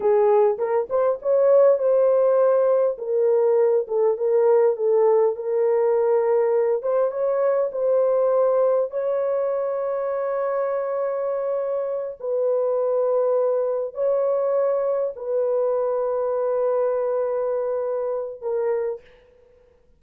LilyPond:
\new Staff \with { instrumentName = "horn" } { \time 4/4 \tempo 4 = 101 gis'4 ais'8 c''8 cis''4 c''4~ | c''4 ais'4. a'8 ais'4 | a'4 ais'2~ ais'8 c''8 | cis''4 c''2 cis''4~ |
cis''1~ | cis''8 b'2. cis''8~ | cis''4. b'2~ b'8~ | b'2. ais'4 | }